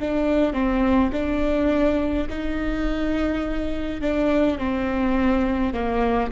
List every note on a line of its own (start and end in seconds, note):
0.00 0.53 D4
0.53 1.11 C4
1.13 2.28 D4
2.30 4.01 D#4
4.01 4.59 D4
4.59 5.74 C4
5.74 6.31 A#3